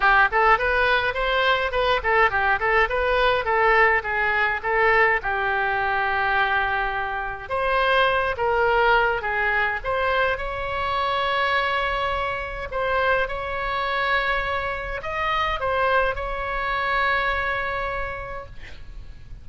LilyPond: \new Staff \with { instrumentName = "oboe" } { \time 4/4 \tempo 4 = 104 g'8 a'8 b'4 c''4 b'8 a'8 | g'8 a'8 b'4 a'4 gis'4 | a'4 g'2.~ | g'4 c''4. ais'4. |
gis'4 c''4 cis''2~ | cis''2 c''4 cis''4~ | cis''2 dis''4 c''4 | cis''1 | }